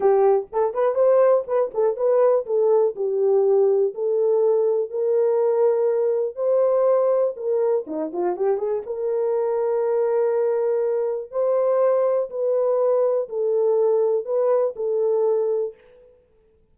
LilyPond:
\new Staff \with { instrumentName = "horn" } { \time 4/4 \tempo 4 = 122 g'4 a'8 b'8 c''4 b'8 a'8 | b'4 a'4 g'2 | a'2 ais'2~ | ais'4 c''2 ais'4 |
dis'8 f'8 g'8 gis'8 ais'2~ | ais'2. c''4~ | c''4 b'2 a'4~ | a'4 b'4 a'2 | }